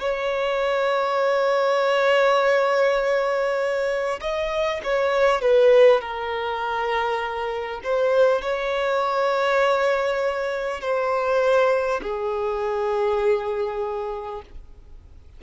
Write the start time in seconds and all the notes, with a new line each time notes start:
0.00 C#5
4.21 D#5
4.83 C#5
5.41 B4
6.01 A#4
7.83 C5
8.41 C#5
10.81 C5
12.02 G#4